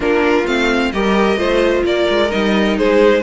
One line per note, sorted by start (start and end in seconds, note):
0.00 0.43 A#3
0.00 0.45 D4
0.00 0.92 F4
0.00 0.46 A#4
0.46 0.92 A3
0.46 0.92 C4
0.46 0.91 F5
0.91 1.37 G3
0.91 1.36 G4
0.91 1.38 A#4
0.91 1.83 D#5
1.36 1.83 A3
1.36 2.29 F4
1.36 1.84 C5
1.84 2.07 A#3
1.84 2.78 A#4
1.84 2.31 D5
2.09 2.32 G#3
2.30 2.78 G3
2.30 3.22 D#4
2.30 2.77 D#5
2.78 3.22 G#3
2.78 3.22 G#4
2.78 3.22 C5